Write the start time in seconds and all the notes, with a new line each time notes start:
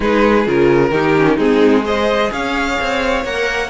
0.00 G#3 D#4 G#4 B4
0.45 C#3 F4 A#4
0.91 D#3 D#4 G4
1.17 C#4
1.37 G#3 C4 D#4 G#4
1.83 G#4 C5 D#5
2.31 C#4 C#5 F5
2.81 C4
3.24 A#3 A#4 F#5